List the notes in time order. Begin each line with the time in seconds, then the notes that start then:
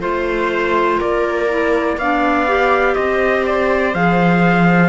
0.00 A3 F4 C5
0.98 A#3 A#4 D5
1.49 E4
1.97 B3 D4 D5 F5
2.47 G4
2.95 C4 C5 D#5
3.46 D5
3.94 F3 G#4 F5